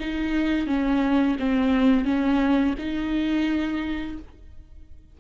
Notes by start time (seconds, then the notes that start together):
0.00 D#4
0.67 C#4
1.39 C4
2.05 C#4
2.79 D#4